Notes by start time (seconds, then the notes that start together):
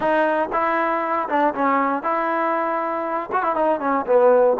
0.00 D#4
0.52 E4
1.28 D4
1.54 C#4
2.02 E4
3.31 F#4
3.42 E4
3.55 D#4
3.80 C#4
4.06 B3